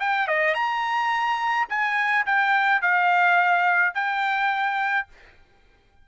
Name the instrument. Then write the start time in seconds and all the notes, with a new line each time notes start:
trumpet
0.00 G5
0.28 D#5
0.54 A#5
1.69 G#5
2.26 G5
2.81 F5
3.94 G5